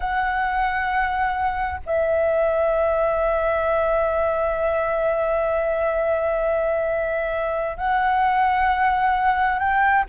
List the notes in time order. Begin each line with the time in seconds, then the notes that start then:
0.00 F#5
1.86 E5
7.77 F#5
9.59 G5